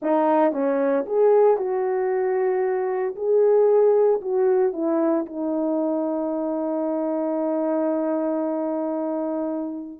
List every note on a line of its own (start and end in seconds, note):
0.02 0.52 D#4
0.52 1.05 C#4
1.06 1.57 G#4
1.57 3.15 F#4
3.15 4.20 G#4
4.21 4.72 F#4
4.72 5.25 E4
5.25 9.99 D#4